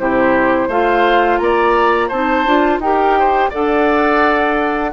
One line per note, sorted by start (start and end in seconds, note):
0.00 0.69 C3
0.00 0.71 E4
0.00 0.69 G4
0.00 0.70 C5
0.69 1.39 A3
0.69 2.12 F4
0.69 1.39 C5
0.69 1.38 F5
1.38 2.11 A#3
1.38 2.09 D5
1.38 2.09 A#5
2.09 2.46 C4
2.09 2.47 D#4
2.09 2.79 C5
2.09 2.80 A5
2.46 2.79 D4
2.46 2.82 F4
2.79 3.50 D#4
2.79 3.53 G4
2.79 3.20 A#4
2.79 3.52 G5
3.20 3.50 C5
3.50 4.93 D4
3.50 4.93 A4
3.50 4.91 D5
3.50 4.93 F#5